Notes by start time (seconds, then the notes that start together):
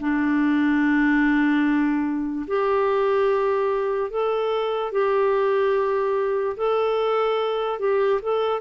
0.00 D4
2.47 G4
4.11 A4
4.92 G4
6.57 A4
7.80 G4
8.22 A4